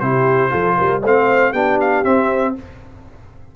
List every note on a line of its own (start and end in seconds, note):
0.00 0.52 C3
0.00 0.50 E4
0.00 0.51 G4
0.00 1.02 C5
0.50 0.79 F3
0.50 1.01 F4
0.50 0.76 A4
0.77 1.04 G3
0.77 1.02 A#4
1.03 1.53 A3
1.03 1.54 C4
1.03 1.53 C5
1.03 1.53 F5
1.53 2.04 B3
1.53 2.05 D4
1.53 2.54 G4
1.53 1.79 G5
1.81 2.04 F5
2.04 2.55 C4
2.04 2.56 C4
2.04 2.55 E5